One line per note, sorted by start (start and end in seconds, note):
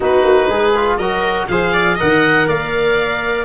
0.00 0.23 B3
0.00 0.73 D#4
0.00 0.49 F#4
0.00 0.97 B4
0.23 0.48 A#3
0.48 0.97 G#3
0.48 0.98 G#4
0.75 1.00 F4
0.97 1.47 F#3
0.97 1.50 F#4
0.97 1.48 A#4
0.97 1.46 D#5
1.48 1.98 F3
1.48 1.98 G#4
1.48 1.73 C5
1.48 1.97 F5
1.73 1.94 D5
1.94 3.45 A#4
1.94 2.44 D#5
1.94 2.49 F#5
2.02 2.48 D#3
2.47 3.45 A#3
2.47 3.45 D5
2.47 3.45 F5